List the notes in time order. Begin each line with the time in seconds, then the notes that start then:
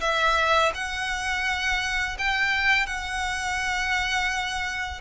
0.00 E5
0.74 F#5
2.18 G5
2.86 F#5